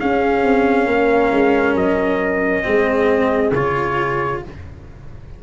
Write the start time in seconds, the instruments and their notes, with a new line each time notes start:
0.00 cello C#4, tuba C#4, horn G#4, trumpet F5
0.43 tuba C4
0.86 tuba A#3, horn A#4
1.32 tuba G#3
1.75 tuba F#3, trumpet D#5
2.64 tuba G#3, cello C4, horn G#4
3.51 tuba C#3, cello F4, trumpet C#5